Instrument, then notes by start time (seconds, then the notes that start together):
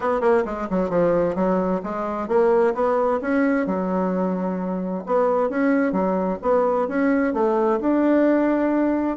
bassoon
0.00 B3
0.20 A#3
0.45 G#3
0.70 F#3
0.89 F3
1.35 F#3
1.83 G#3
2.28 A#3
2.74 B3
3.21 C#4
3.66 F#3
5.06 B3
5.49 C#4
5.92 F#3
6.42 B3
6.88 C#4
7.33 A3
7.80 D4